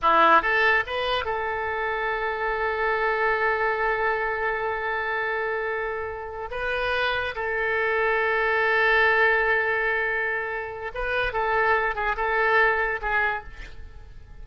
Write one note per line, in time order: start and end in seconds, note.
0.02 0.42 E4
0.42 0.84 A4
0.86 1.24 B4
1.24 6.49 A4
6.51 7.34 B4
7.35 10.91 A4
10.94 11.32 B4
11.32 11.95 A4
11.95 12.16 G#4
12.16 13.00 A4
13.01 13.43 G#4